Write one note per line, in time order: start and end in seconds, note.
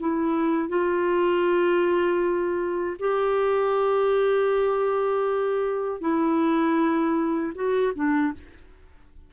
0.00 0.69 E4
0.69 2.97 F4
2.99 6.01 G4
6.01 7.53 E4
7.55 7.93 F#4
7.95 8.33 D4